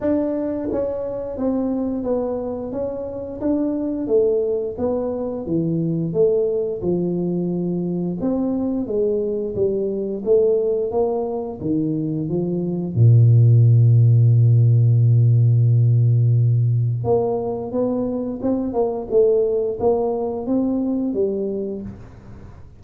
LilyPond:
\new Staff \with { instrumentName = "tuba" } { \time 4/4 \tempo 4 = 88 d'4 cis'4 c'4 b4 | cis'4 d'4 a4 b4 | e4 a4 f2 | c'4 gis4 g4 a4 |
ais4 dis4 f4 ais,4~ | ais,1~ | ais,4 ais4 b4 c'8 ais8 | a4 ais4 c'4 g4 | }